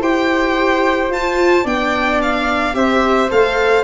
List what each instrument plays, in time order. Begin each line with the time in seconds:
0.00 tuba E4, viola G4, flute C5, violin G5
1.10 tuba F4, viola F4, violin A5
1.63 tuba B3, viola D4, flute D5, violin G5
2.22 violin F5
2.73 tuba C4, viola G4, flute C5, violin E5
3.30 tuba A3, viola A4, violin F5